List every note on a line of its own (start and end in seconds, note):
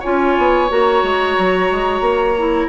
0.00 0.38 C#4
0.00 0.69 F4
0.00 2.67 C#5
0.00 0.70 G#5
0.38 0.70 B3
0.69 1.03 A#3
0.69 2.36 F#4
0.69 2.69 A#5
1.03 1.36 G#3
1.38 1.71 F#3
1.71 2.01 G#3
2.01 2.67 A#3
2.38 2.69 E4